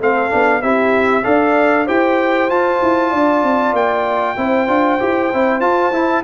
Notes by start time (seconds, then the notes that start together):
0.00 A3 C4 A4 F5
0.30 B3 D4
0.62 C4 E4 G4 E5
1.23 D4 A4 D5 F5
1.86 E4 G4 C5 G5
2.49 F4 A5
2.82 E4
3.10 D4 D5
3.43 C4
3.73 A#3 G5
4.36 C4 E4 C5
4.67 D4 F4
4.99 E4 G4
5.33 C4 E4
5.60 F4 A5
5.91 E4